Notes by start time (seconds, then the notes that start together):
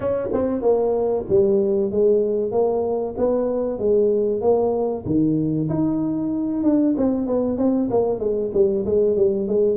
0.00 C#4
0.32 C4
0.61 A#3
1.29 G3
1.91 G#3
2.51 A#3
3.17 B3
3.79 G#3
4.41 A#3
5.05 D#3
5.69 D#4
6.63 D4
6.97 C4
7.27 B3
7.57 C4
7.90 A#3
8.19 G#3
8.53 G3
8.85 G#3
9.16 G3
9.48 G#3